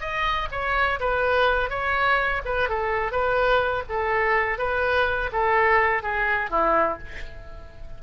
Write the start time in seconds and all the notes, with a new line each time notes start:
0.00 D#5
0.51 C#5
0.99 B4
1.70 C#5
2.45 B4
2.69 A4
3.12 B4
3.89 A4
4.58 B4
5.32 A4
6.02 G#4
6.50 E4